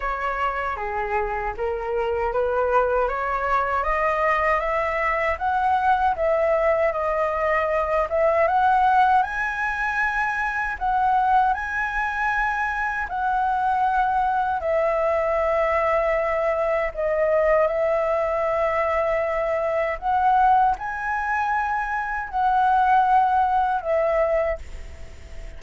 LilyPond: \new Staff \with { instrumentName = "flute" } { \time 4/4 \tempo 4 = 78 cis''4 gis'4 ais'4 b'4 | cis''4 dis''4 e''4 fis''4 | e''4 dis''4. e''8 fis''4 | gis''2 fis''4 gis''4~ |
gis''4 fis''2 e''4~ | e''2 dis''4 e''4~ | e''2 fis''4 gis''4~ | gis''4 fis''2 e''4 | }